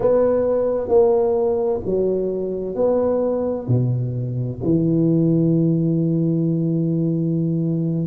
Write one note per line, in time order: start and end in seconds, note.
0.00 0.88 B3
0.88 1.80 A#3
1.85 2.75 F#3
2.75 3.67 B3
3.67 4.59 B2
4.63 8.07 E3